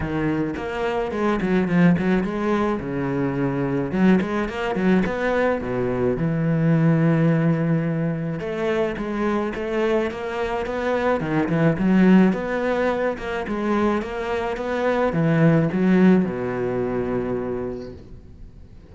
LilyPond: \new Staff \with { instrumentName = "cello" } { \time 4/4 \tempo 4 = 107 dis4 ais4 gis8 fis8 f8 fis8 | gis4 cis2 fis8 gis8 | ais8 fis8 b4 b,4 e4~ | e2. a4 |
gis4 a4 ais4 b4 | dis8 e8 fis4 b4. ais8 | gis4 ais4 b4 e4 | fis4 b,2. | }